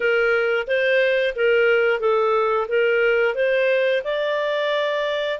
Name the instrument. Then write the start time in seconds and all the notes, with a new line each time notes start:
clarinet
0.00 A#4
0.67 C5
1.35 A#4
1.99 A4
2.68 A#4
3.35 C5
4.04 D5